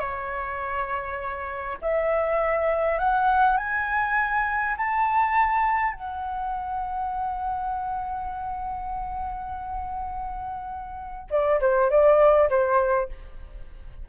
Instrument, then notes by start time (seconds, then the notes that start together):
flute
0.00 C#5
1.82 E5
2.99 F#5
3.58 G#5
4.77 A5
5.93 F#5
11.31 D5
11.61 C5
11.90 D5
12.50 C5